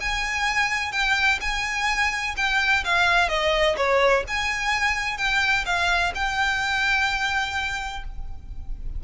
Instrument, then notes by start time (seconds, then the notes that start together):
violin
0.00 G#5
0.92 G5
1.40 G#5
2.36 G5
2.84 F5
3.28 D#5
3.77 C#5
4.27 G#5
5.17 G5
5.65 F5
6.14 G5